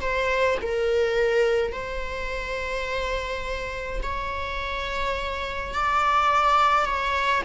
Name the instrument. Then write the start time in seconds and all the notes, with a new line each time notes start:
viola
0.00 C5
0.61 A#4
1.72 C5
4.02 C#5
5.74 D5
6.85 C#5